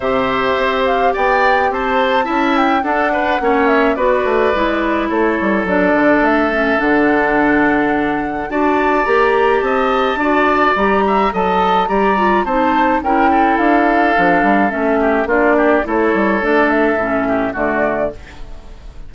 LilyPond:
<<
  \new Staff \with { instrumentName = "flute" } { \time 4/4 \tempo 4 = 106 e''4. f''8 g''4 a''4~ | a''8 g''8 fis''4. e''8 d''4~ | d''4 cis''4 d''4 e''4 | fis''2. a''4 |
ais''4 a''2 ais''4 | a''4 ais''4 a''4 g''4 | f''2 e''4 d''4 | cis''4 d''8 e''4. d''4 | }
  \new Staff \with { instrumentName = "oboe" } { \time 4/4 c''2 d''4 c''4 | e''4 a'8 b'8 cis''4 b'4~ | b'4 a'2.~ | a'2. d''4~ |
d''4 dis''4 d''4. e''8 | dis''4 d''4 c''4 ais'8 a'8~ | a'2~ a'8 g'8 f'8 g'8 | a'2~ a'8 g'8 fis'4 | }
  \new Staff \with { instrumentName = "clarinet" } { \time 4/4 g'1 | e'4 d'4 cis'4 fis'4 | e'2 d'4. cis'8 | d'2. fis'4 |
g'2 fis'4 g'4 | a'4 g'8 f'8 dis'4 e'4~ | e'4 d'4 cis'4 d'4 | e'4 d'4 cis'4 a4 | }
  \new Staff \with { instrumentName = "bassoon" } { \time 4/4 c4 c'4 b4 c'4 | cis'4 d'4 ais4 b8 a8 | gis4 a8 g8 fis8 d8 a4 | d2. d'4 |
ais4 c'4 d'4 g4 | fis4 g4 c'4 cis'4 | d'4 f8 g8 a4 ais4 | a8 g8 a4 a,4 d4 | }
>>